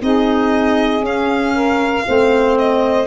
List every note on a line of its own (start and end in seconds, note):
0.00 1.01 C4
0.00 1.01 D#4
0.00 1.54 G#4
0.00 1.05 D#5
1.01 2.03 C#4
1.01 2.58 F5
1.54 2.05 A#4
2.07 3.07 A3
2.07 3.07 C4
2.07 3.07 C5
2.58 3.07 D#5